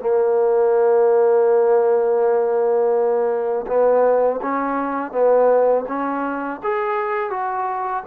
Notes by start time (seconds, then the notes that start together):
0.00 A#3
3.67 B3
4.42 C#4
5.12 B3
5.88 C#4
6.63 G#4
7.30 F#4